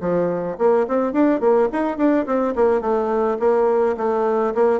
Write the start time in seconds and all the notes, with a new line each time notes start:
0.00 F3
0.58 A#3
0.87 C4
1.12 D4
1.40 A#3
1.72 D#4
1.97 D4
2.26 C4
2.55 A#3
2.81 A3
3.39 A#3
3.97 A3
4.54 A#3